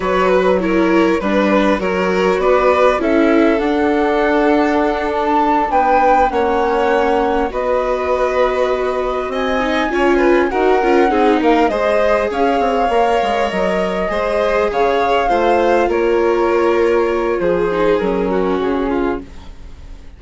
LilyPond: <<
  \new Staff \with { instrumentName = "flute" } { \time 4/4 \tempo 4 = 100 cis''8 b'8 cis''4 b'4 cis''4 | d''4 e''4 fis''2~ | fis''8 a''4 g''4 fis''4.~ | fis''8 dis''2. gis''8~ |
gis''4. fis''4. f''8 dis''8~ | dis''8 f''2 dis''4.~ | dis''8 f''2 cis''4.~ | cis''4 c''4 ais'4 gis'4 | }
  \new Staff \with { instrumentName = "violin" } { \time 4/4 b'4 ais'4 b'4 ais'4 | b'4 a'2.~ | a'4. b'4 cis''4.~ | cis''8 b'2. dis''8~ |
dis''8 cis''8 b'8 ais'4 gis'8 ais'8 c''8~ | c''8 cis''2. c''8~ | c''8 cis''4 c''4 ais'4.~ | ais'4 gis'4. fis'4 f'8 | }
  \new Staff \with { instrumentName = "viola" } { \time 4/4 fis'4 e'4 d'4 fis'4~ | fis'4 e'4 d'2~ | d'2~ d'8 cis'4.~ | cis'8 fis'2.~ fis'8 |
dis'8 f'4 fis'8 f'8 dis'4 gis'8~ | gis'4. ais'2 gis'8~ | gis'4. f'2~ f'8~ | f'4. dis'8 cis'2 | }
  \new Staff \with { instrumentName = "bassoon" } { \time 4/4 fis2 g4 fis4 | b4 cis'4 d'2~ | d'4. b4 ais4.~ | ais8 b2. c'8~ |
c'8 cis'4 dis'8 cis'8 c'8 ais8 gis8~ | gis8 cis'8 c'8 ais8 gis8 fis4 gis8~ | gis8 cis4 a4 ais4.~ | ais4 f4 fis4 cis4 | }
>>